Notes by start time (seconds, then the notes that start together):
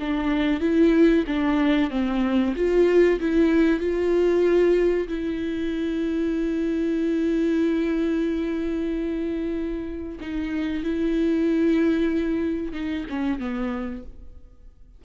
0.00 D4
0.61 E4
1.27 D4
1.91 C4
2.56 F4
3.20 E4
3.80 F4
5.09 E4
10.21 D#4
10.84 E4
12.73 D#4
13.10 C#4
13.40 B3